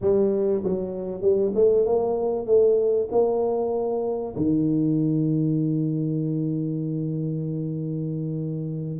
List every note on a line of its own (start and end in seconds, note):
0.01 0.63 G3
0.63 1.21 F#3
1.21 1.52 G3
1.55 1.86 A3
1.86 2.46 A#3
2.46 3.08 A3
3.11 4.35 A#3
4.36 8.99 D#3